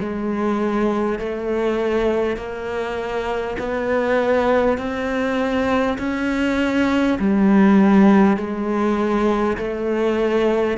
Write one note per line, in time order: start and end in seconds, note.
0.00 1.19 G#3
1.19 2.37 A3
2.37 3.57 A#3
3.58 4.78 B3
4.78 5.98 C4
5.98 7.18 C#4
7.19 8.37 G3
8.37 9.57 G#3
9.57 10.77 A3